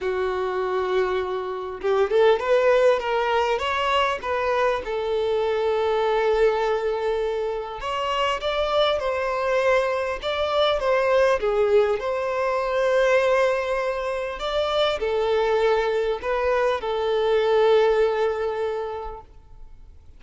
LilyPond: \new Staff \with { instrumentName = "violin" } { \time 4/4 \tempo 4 = 100 fis'2. g'8 a'8 | b'4 ais'4 cis''4 b'4 | a'1~ | a'4 cis''4 d''4 c''4~ |
c''4 d''4 c''4 gis'4 | c''1 | d''4 a'2 b'4 | a'1 | }